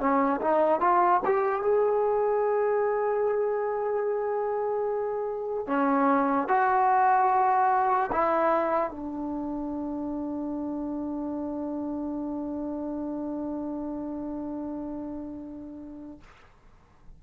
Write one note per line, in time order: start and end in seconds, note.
0.00 0.41 C#4
0.42 0.81 D#4
0.81 1.21 F4
1.26 1.63 G4
1.63 5.67 G#4
5.67 6.48 C#4
6.49 8.11 F#4
8.13 8.91 E4
8.91 16.21 D4